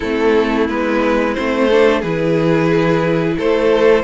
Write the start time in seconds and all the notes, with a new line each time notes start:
0.00 A3 C4 E4 A4
0.68 G#3 B3 B4
1.34 A3 C4 C5
1.68 D4 A4
2.00 E3 E4 G#4 B4
3.37 A3 A4 C5